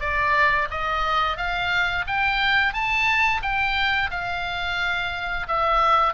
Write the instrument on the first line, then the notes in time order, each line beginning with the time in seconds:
oboe
0.00 D5
0.71 D#5
1.37 F5
2.07 G5
2.73 A5
3.42 G5
4.11 F5
5.48 E5